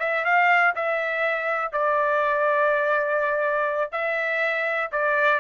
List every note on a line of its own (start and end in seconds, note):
0.00 0.25 E5
0.25 0.74 F5
0.76 1.72 E5
1.72 3.92 D5
3.92 4.90 E5
4.92 5.40 D5